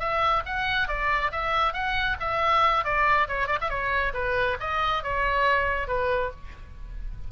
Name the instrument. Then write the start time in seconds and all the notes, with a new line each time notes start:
oboe
0.00 E5
0.46 F#5
0.88 D5
1.32 E5
1.74 F#5
2.20 E5
2.85 D5
3.28 C#5
3.48 D5
3.61 E5
3.70 C#5
4.14 B4
4.60 D#5
5.04 C#5
5.88 B4